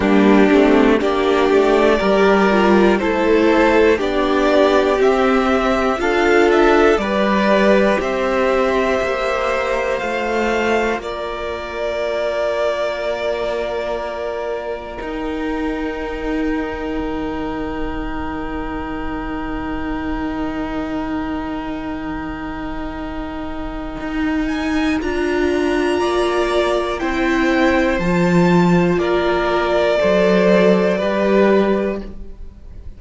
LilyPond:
<<
  \new Staff \with { instrumentName = "violin" } { \time 4/4 \tempo 4 = 60 g'4 d''2 c''4 | d''4 e''4 f''8 e''8 d''4 | e''2 f''4 d''4~ | d''2. g''4~ |
g''1~ | g''1~ | g''8 gis''8 ais''2 g''4 | a''4 d''2. | }
  \new Staff \with { instrumentName = "violin" } { \time 4/4 d'4 g'4 ais'4 a'4 | g'2 a'4 b'4 | c''2. ais'4~ | ais'1~ |
ais'1~ | ais'1~ | ais'2 d''4 c''4~ | c''4 ais'4 c''4 b'4 | }
  \new Staff \with { instrumentName = "viola" } { \time 4/4 ais8 c'8 d'4 g'8 f'8 e'4 | d'4 c'4 f'4 g'4~ | g'2 f'2~ | f'2. dis'4~ |
dis'1~ | dis'1~ | dis'4 f'2 e'4 | f'2 a'4 g'4 | }
  \new Staff \with { instrumentName = "cello" } { \time 4/4 g8 a8 ais8 a8 g4 a4 | b4 c'4 d'4 g4 | c'4 ais4 a4 ais4~ | ais2. dis'4~ |
dis'4 dis2.~ | dis1 | dis'4 d'4 ais4 c'4 | f4 ais4 fis4 g4 | }
>>